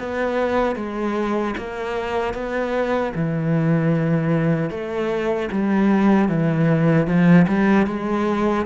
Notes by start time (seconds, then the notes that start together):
0.00 B3
0.76 G#3
1.58 A#3
2.34 B3
3.15 E3
4.70 A3
5.52 G3
6.29 E3
7.07 F3
7.49 G3
7.87 G#3